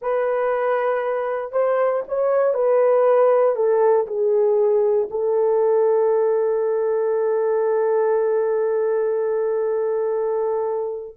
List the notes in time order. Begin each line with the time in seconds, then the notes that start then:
0.01 B4
1.52 C5
2.08 C#5
2.54 B4
3.55 A4
4.06 G#4
5.10 A4